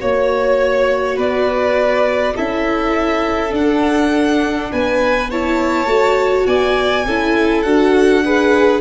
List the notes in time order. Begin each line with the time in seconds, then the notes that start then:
0.00 A#3 F#4 C#5
1.16 B3 B4 D5
2.36 C#4 E4 A4 E5
3.50 D4 F#5
4.72 B3 B4 G#5
5.31 E4 C#5 A5
5.86 A3 F#4
6.47 B3 D5 G#5
7.05 C#4 E4 A4
7.62 D4 F#4 F#5
8.25 G#4 B4